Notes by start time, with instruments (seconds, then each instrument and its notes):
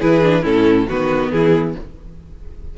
0.00 cello E3, viola E4, violin G#4 B4
0.23 viola D4
0.42 cello A2, viola C#4, violin E4 A4
0.88 cello D#3, viola B3, violin F#4 B4
1.31 cello E3, violin E4 G#4